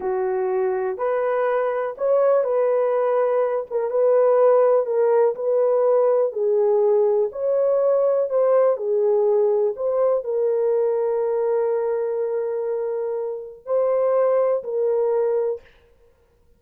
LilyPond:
\new Staff \with { instrumentName = "horn" } { \time 4/4 \tempo 4 = 123 fis'2 b'2 | cis''4 b'2~ b'8 ais'8 | b'2 ais'4 b'4~ | b'4 gis'2 cis''4~ |
cis''4 c''4 gis'2 | c''4 ais'2.~ | ais'1 | c''2 ais'2 | }